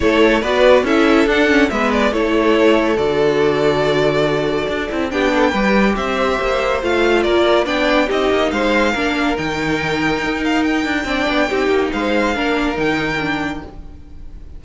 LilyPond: <<
  \new Staff \with { instrumentName = "violin" } { \time 4/4 \tempo 4 = 141 cis''4 d''4 e''4 fis''4 | e''8 d''8 cis''2 d''4~ | d''1 | g''2 e''2 |
f''4 d''4 g''4 dis''4 | f''2 g''2~ | g''8 f''8 g''2. | f''2 g''2 | }
  \new Staff \with { instrumentName = "violin" } { \time 4/4 a'4 b'4 a'2 | b'4 a'2.~ | a'1 | g'8 a'8 b'4 c''2~ |
c''4 ais'4 d''4 g'4 | c''4 ais'2.~ | ais'2 d''4 g'4 | c''4 ais'2. | }
  \new Staff \with { instrumentName = "viola" } { \time 4/4 e'4 fis'4 e'4 d'8 cis'8 | b4 e'2 fis'4~ | fis'2.~ fis'8 e'8 | d'4 g'2. |
f'2 d'4 dis'4~ | dis'4 d'4 dis'2~ | dis'2 d'4 dis'4~ | dis'4 d'4 dis'4 d'4 | }
  \new Staff \with { instrumentName = "cello" } { \time 4/4 a4 b4 cis'4 d'4 | gis4 a2 d4~ | d2. d'8 c'8 | b4 g4 c'4 ais4 |
a4 ais4 b4 c'8 ais8 | gis4 ais4 dis2 | dis'4. d'8 c'8 b8 c'8 ais8 | gis4 ais4 dis2 | }
>>